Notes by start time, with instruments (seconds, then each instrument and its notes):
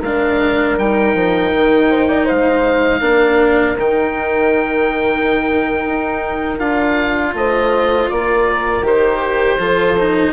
0.00 bassoon G#3, cello D4, horn A#4, oboe F5
0.78 bassoon G3, cello D#4, oboe G5
1.15 bassoon F3
1.55 bassoon D#3
1.90 horn C5
2.08 horn D5
2.25 bassoon G#3, horn C5, oboe F5
3.01 bassoon A#3, cello D4, horn A#4
3.78 bassoon D#3, cello D#4, oboe G5
5.85 bassoon D#4
6.59 bassoon D4, cello F4, oboe F5
7.34 bassoon A3, horn C5, oboe D#5
8.10 bassoon A#3, horn A#4, oboe D5
8.82 bassoon D#3, cello G4, oboe C5
9.59 bassoon F3, cello F4, horn A4
9.99 cello D#4